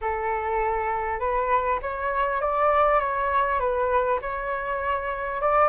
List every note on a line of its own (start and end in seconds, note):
0.01 1.19 A4
1.19 1.79 B4
1.81 2.41 C#5
2.41 2.99 D5
2.99 3.59 C#5
3.59 4.19 B4
4.21 5.41 C#5
5.41 5.68 D5